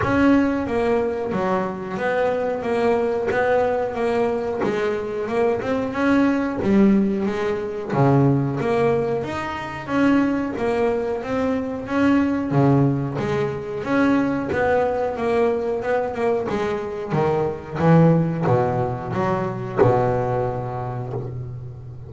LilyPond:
\new Staff \with { instrumentName = "double bass" } { \time 4/4 \tempo 4 = 91 cis'4 ais4 fis4 b4 | ais4 b4 ais4 gis4 | ais8 c'8 cis'4 g4 gis4 | cis4 ais4 dis'4 cis'4 |
ais4 c'4 cis'4 cis4 | gis4 cis'4 b4 ais4 | b8 ais8 gis4 dis4 e4 | b,4 fis4 b,2 | }